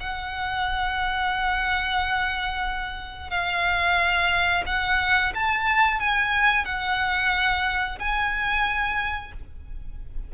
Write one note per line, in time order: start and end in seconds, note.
0.00 3.30 F#5
3.30 4.64 F5
4.66 5.33 F#5
5.35 6.00 A5
6.00 6.65 G#5
6.65 7.98 F#5
7.99 9.32 G#5